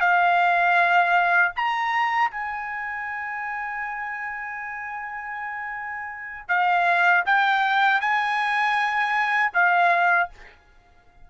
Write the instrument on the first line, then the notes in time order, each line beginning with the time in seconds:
trumpet
0.00 F5
1.56 A#5
2.30 G#5
6.48 F5
7.25 G5
8.00 G#5
9.53 F5